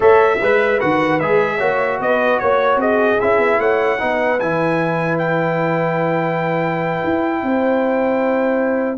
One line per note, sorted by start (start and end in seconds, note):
0.00 0.39 A3
0.00 0.37 A4
0.00 0.39 C#5
0.00 0.80 E5
0.40 0.81 G#3
0.40 1.57 B4
0.40 0.80 B4
0.80 1.20 D#3
0.80 1.20 F#4
0.80 1.19 F#5
1.19 1.60 G#3
1.19 1.58 G#4
1.19 1.99 E5
1.57 1.99 A#3
1.57 3.18 F#4
1.57 1.97 C#5
1.99 2.39 B3
1.99 2.41 B4
1.99 2.39 D#5
2.39 2.76 A#3
2.39 2.79 C#5
2.76 3.16 C4
2.76 3.59 G#4
2.76 3.20 D#5
3.20 3.38 C#4
3.20 3.99 E4
3.20 3.60 E5
3.38 3.58 B3
3.58 3.98 A3
3.58 3.99 C#5
3.58 4.39 F#5
3.99 4.41 B3
3.99 4.39 D#4
3.99 7.40 B4
4.39 7.01 E3
4.39 8.98 E4
4.39 5.17 G#5
5.17 8.97 G5
7.03 7.42 E4
7.42 8.98 C4
7.42 8.98 C5